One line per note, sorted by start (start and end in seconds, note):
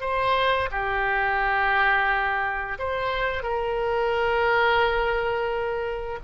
0.00 0.69 C5
0.71 2.78 G4
2.79 3.43 C5
3.43 6.18 A#4